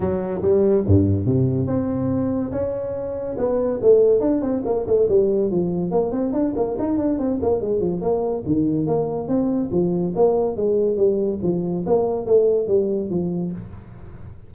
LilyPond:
\new Staff \with { instrumentName = "tuba" } { \time 4/4 \tempo 4 = 142 fis4 g4 g,4 c4 | c'2 cis'2 | b4 a4 d'8 c'8 ais8 a8 | g4 f4 ais8 c'8 d'8 ais8 |
dis'8 d'8 c'8 ais8 gis8 f8 ais4 | dis4 ais4 c'4 f4 | ais4 gis4 g4 f4 | ais4 a4 g4 f4 | }